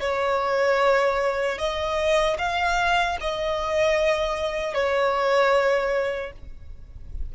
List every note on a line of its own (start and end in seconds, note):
0.00 1.58 C#5
1.58 2.37 D#5
2.38 3.17 F5
3.21 4.74 D#5
4.74 6.32 C#5